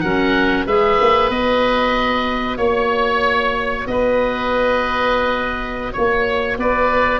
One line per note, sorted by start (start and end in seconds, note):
0.00 0.66 F#3
0.00 0.68 C#4
0.00 0.66 A#4
0.00 0.64 F#5
0.66 0.97 G#3
0.66 1.31 G#4
0.66 2.57 B4
0.66 1.30 E5
1.00 1.29 A#3
1.29 2.57 B3
1.29 7.19 F#4
1.29 2.57 D#5
2.57 3.84 A#3
2.57 3.84 C#5
2.57 3.87 C#5
3.86 5.94 B3
3.86 5.92 B4
3.86 5.93 D#5
5.92 6.57 A#3
5.92 6.56 C#5
5.92 6.57 C#5
6.57 7.19 B3
6.57 7.19 B4
6.57 7.19 D5